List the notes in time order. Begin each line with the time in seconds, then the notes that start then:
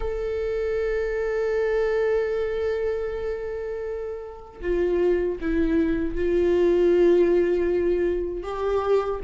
0.00 A4
4.61 F4
5.41 E4
6.15 F4
8.43 G4